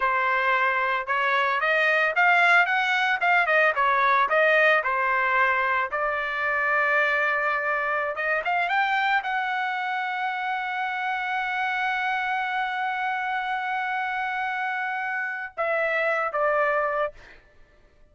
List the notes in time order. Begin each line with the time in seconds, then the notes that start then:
0.00 C5
1.06 C#5
1.60 D#5
2.15 F5
2.65 F#5
3.20 F5
3.46 D#5
3.75 C#5
4.29 D#5
4.83 C5
5.91 D5
8.15 D#5
8.44 F5
8.68 G5
9.23 F#5
15.57 E5
16.32 D5